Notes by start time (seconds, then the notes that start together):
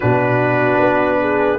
0.00 B2 D4 F#4 B4
0.79 B3
1.20 G#4